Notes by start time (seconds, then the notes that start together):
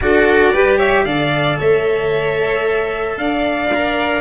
0.01 D4 F#4 A4 D5
0.53 G3 G4 B4
0.77 C#5 E5
1.05 D3 A4 D5 F5
1.57 A3 C#5 E5
3.17 D4 D5 F5
3.74 A#4